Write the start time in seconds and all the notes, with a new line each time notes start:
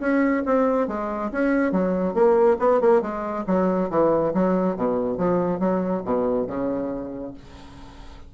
0.00 C#4
0.46 C4
0.88 G#3
1.32 C#4
1.72 F#3
2.14 A#3
2.59 B3
2.81 A#3
3.02 G#3
3.47 F#3
3.90 E3
4.34 F#3
4.77 B2
5.18 F3
5.60 F#3
6.05 B2
6.47 C#3